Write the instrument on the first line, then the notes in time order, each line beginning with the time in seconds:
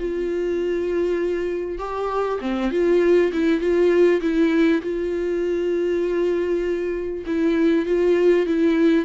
viola
0.00 F4
1.79 G4
2.41 C4
2.72 F4
3.33 E4
3.61 F4
4.21 E4
4.83 F4
7.27 E4
7.86 F4
8.47 E4